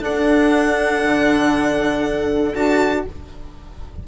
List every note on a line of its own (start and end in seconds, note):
0.00 2.54 D4
0.00 1.03 D4
0.00 3.08 A4
0.00 2.55 F#5
1.04 2.55 D3
2.55 3.06 D4
2.55 3.06 F#4
2.55 3.06 A5